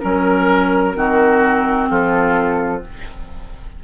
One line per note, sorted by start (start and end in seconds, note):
0.00 0.96 F#3
0.00 0.94 C#4
0.00 1.88 A#4
0.00 0.97 A#4
0.94 1.90 D#3
0.94 2.82 C4
0.94 1.90 F#4
1.90 2.84 F3
1.90 2.84 F4
1.90 2.84 A4